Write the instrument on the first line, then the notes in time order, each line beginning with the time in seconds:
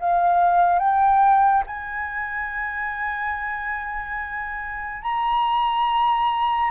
flute
0.00 F5
0.80 G5
1.67 G#5
5.03 A#5